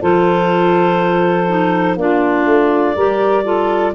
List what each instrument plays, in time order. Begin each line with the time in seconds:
0.00 tuba F3, clarinet F4 C5, saxophone A4
1.48 clarinet D#4
1.96 tuba A#3, clarinet D4 D5, saxophone F4
2.45 tuba A3
2.94 tuba G3, clarinet G4, saxophone A#4
3.43 clarinet F4, saxophone A4